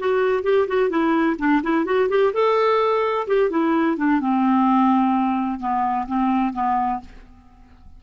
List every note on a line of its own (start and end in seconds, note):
0.00 0.44 F#4
0.44 0.67 G4
0.68 0.90 F#4
0.90 1.37 E4
1.39 1.62 D4
1.63 1.86 E4
1.86 2.09 F#4
2.10 2.33 G4
2.34 3.27 A4
3.28 3.50 G4
3.50 3.97 E4
3.97 4.21 D4
4.21 5.60 C4
5.60 6.07 B3
6.08 6.54 C4
6.54 7.01 B3